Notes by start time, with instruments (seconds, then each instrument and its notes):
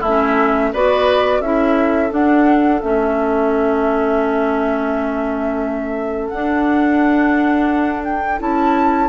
0.00 bassoon A3, oboe E4, flute E5
0.07 clarinet C#4
0.73 bassoon B3, clarinet F#4, oboe B4, flute D5
1.40 bassoon C#4, clarinet E4, oboe A4, flute E5
2.10 clarinet D4, bassoon D4, flute F#5
2.81 bassoon A3, clarinet C#4, flute E5
6.28 bassoon D4, clarinet D4, flute F#5
8.04 flute G5
8.39 bassoon C#4, clarinet E4, flute A5